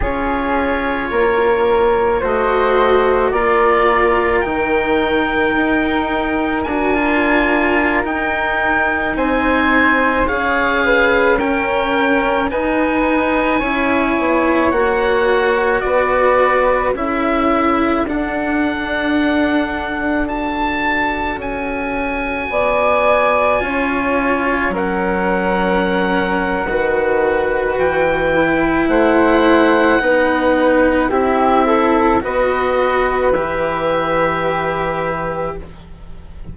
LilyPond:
<<
  \new Staff \with { instrumentName = "oboe" } { \time 4/4 \tempo 4 = 54 cis''2 dis''4 d''4 | g''2 gis''4~ gis''16 g''8.~ | g''16 gis''4 f''4 g''4 gis''8.~ | gis''4~ gis''16 fis''4 d''4 e''8.~ |
e''16 fis''2 a''4 gis''8.~ | gis''2~ gis''16 fis''4.~ fis''16~ | fis''4 g''4 fis''2 | e''4 dis''4 e''2 | }
  \new Staff \with { instrumentName = "flute" } { \time 4/4 gis'4 ais'4 c''4 ais'4~ | ais'1~ | ais'16 c''4 cis''8 b'8 ais'4 b'8.~ | b'16 cis''2 b'4 a'8.~ |
a'1~ | a'16 d''4 cis''4 ais'4.~ ais'16 | b'2 c''4 b'4 | g'8 a'8 b'2. | }
  \new Staff \with { instrumentName = "cello" } { \time 4/4 f'2 fis'4 f'4 | dis'2 fis'16 f'4 dis'8.~ | dis'4~ dis'16 gis'4 cis'4 dis'8.~ | dis'16 e'4 fis'2 e'8.~ |
e'16 d'2 fis'4.~ fis'16~ | fis'4~ fis'16 f'4 cis'4.~ cis'16 | fis'4. e'4. dis'4 | e'4 fis'4 g'2 | }
  \new Staff \with { instrumentName = "bassoon" } { \time 4/4 cis'4 ais4 a4 ais4 | dis4 dis'4 d'4~ d'16 dis'8.~ | dis'16 c'4 cis'2 dis'8.~ | dis'16 cis'8 b8 ais4 b4 cis'8.~ |
cis'16 d'2. cis'8.~ | cis'16 b4 cis'4 fis4.~ fis16 | dis4 e4 a4 b4 | c'4 b4 e2 | }
>>